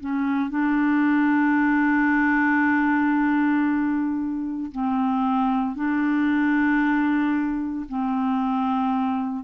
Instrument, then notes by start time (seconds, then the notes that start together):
clarinet
0.00 C#4
0.50 D4
4.72 C4
5.76 D4
7.89 C4